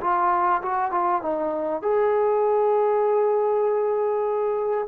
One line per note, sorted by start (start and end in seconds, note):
0.00 0.61 F4
0.62 0.91 F#4
0.91 1.22 F4
1.22 1.82 D#4
1.82 4.88 G#4